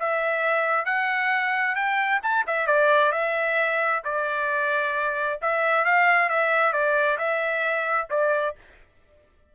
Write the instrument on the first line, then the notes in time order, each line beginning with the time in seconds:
trumpet
0.00 E5
0.85 F#5
1.75 G5
2.23 A5
2.47 E5
2.67 D5
3.12 E5
4.05 D5
5.42 E5
5.85 F5
6.30 E5
6.73 D5
7.18 E5
8.10 D5